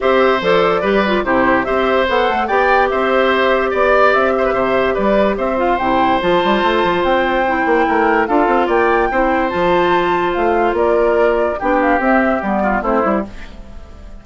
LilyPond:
<<
  \new Staff \with { instrumentName = "flute" } { \time 4/4 \tempo 4 = 145 e''4 d''2 c''4 | e''4 fis''4 g''4 e''4~ | e''4 d''4 e''2 | d''4 e''8 f''8 g''4 a''4~ |
a''4 g''2. | f''4 g''2 a''4~ | a''4 f''4 d''2 | g''8 f''8 e''4 d''4 c''4 | }
  \new Staff \with { instrumentName = "oboe" } { \time 4/4 c''2 b'4 g'4 | c''2 d''4 c''4~ | c''4 d''4. c''16 b'16 c''4 | b'4 c''2.~ |
c''2. ais'4 | a'4 d''4 c''2~ | c''2 ais'2 | g'2~ g'8 f'8 e'4 | }
  \new Staff \with { instrumentName = "clarinet" } { \time 4/4 g'4 a'4 g'8 f'8 e'4 | g'4 a'4 g'2~ | g'1~ | g'4. f'8 e'4 f'4~ |
f'2 e'2 | f'2 e'4 f'4~ | f'1 | d'4 c'4 b4 c'8 e'8 | }
  \new Staff \with { instrumentName = "bassoon" } { \time 4/4 c'4 f4 g4 c4 | c'4 b8 a8 b4 c'4~ | c'4 b4 c'4 c4 | g4 c'4 c4 f8 g8 |
a8 f8 c'4. ais8 a4 | d'8 c'8 ais4 c'4 f4~ | f4 a4 ais2 | b4 c'4 g4 a8 g8 | }
>>